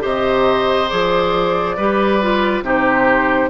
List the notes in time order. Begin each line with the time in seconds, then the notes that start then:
0.00 C3 G4 C5 D#5
0.89 F3 G#4 D5
1.77 G3 G4 B4
2.22 F4
2.62 C3 D#4 G4
2.68 C5